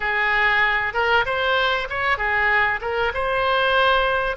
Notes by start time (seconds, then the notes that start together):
0.00 G#4
0.93 A#4
1.25 C5
1.89 C#5
2.17 G#4
2.81 A#4
3.13 C5